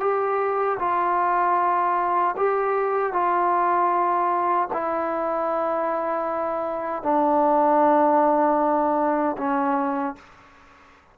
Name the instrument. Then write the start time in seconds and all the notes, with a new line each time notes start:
trombone
0.00 G4
0.79 F4
2.37 G4
3.13 F4
4.73 E4
7.03 D4
9.38 C#4